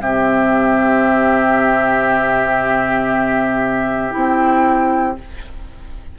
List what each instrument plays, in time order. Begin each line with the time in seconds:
0.00 bassoon C3, clarinet C4, oboe G4, flute E5
4.11 bassoon C4, clarinet E4, flute G5